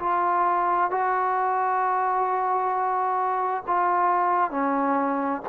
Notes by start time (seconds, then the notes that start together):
0.00 F4
0.91 F#4
3.67 F4
4.51 C#4